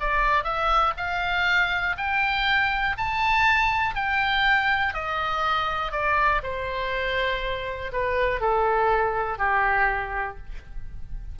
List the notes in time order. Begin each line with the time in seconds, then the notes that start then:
0.00 D5
0.44 E5
0.97 F5
1.97 G5
2.97 A5
3.95 G5
4.94 D#5
5.92 D5
6.43 C5
7.92 B4
8.40 A4
9.38 G4